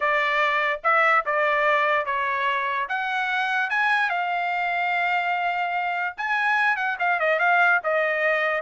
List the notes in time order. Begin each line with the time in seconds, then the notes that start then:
0.00 D5
0.83 E5
1.25 D5
2.05 C#5
2.88 F#5
3.69 G#5
4.09 F5
6.17 G#5
6.76 F#5
6.99 F5
7.19 D#5
7.39 F5
7.83 D#5